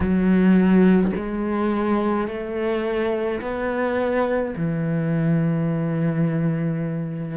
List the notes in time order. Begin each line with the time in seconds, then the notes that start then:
0.00 F#3
1.16 G#3
2.27 A3
3.41 B3
4.56 E3